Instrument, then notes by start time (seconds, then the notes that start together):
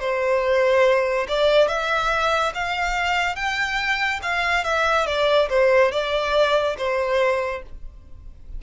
violin
0.00 C5
1.28 D5
1.68 E5
2.54 F5
3.36 G5
4.22 F5
4.64 E5
5.06 D5
5.49 C5
5.92 D5
6.78 C5